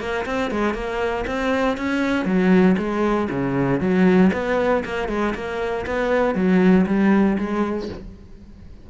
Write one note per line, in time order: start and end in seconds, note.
0.00 0.25 A#3
0.26 0.51 C4
0.51 0.74 G#3
0.74 1.25 A#3
1.27 1.78 C4
1.78 2.26 C#4
2.26 2.76 F#3
2.78 3.29 G#3
3.31 3.81 C#3
3.81 4.32 F#3
4.33 4.84 B3
4.85 5.09 A#3
5.09 5.34 G#3
5.35 5.86 A#3
5.86 6.35 B3
6.35 6.86 F#3
6.86 7.37 G3
7.38 7.89 G#3